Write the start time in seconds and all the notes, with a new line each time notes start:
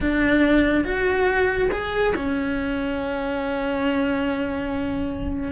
0.00 D4
0.84 F#4
1.71 G#4
2.15 C#4